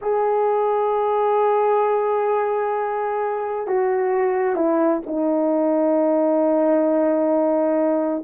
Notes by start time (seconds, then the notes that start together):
0.01 G#4
3.67 F#4
4.55 E4
5.06 D#4